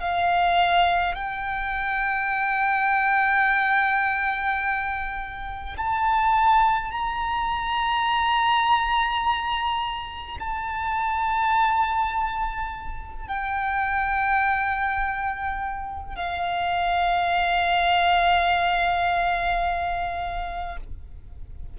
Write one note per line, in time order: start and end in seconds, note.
0.00 1.15 F5
1.15 5.76 G5
5.77 6.92 A5
6.92 10.38 A#5
10.40 13.27 A5
13.27 16.15 G5
16.15 20.77 F5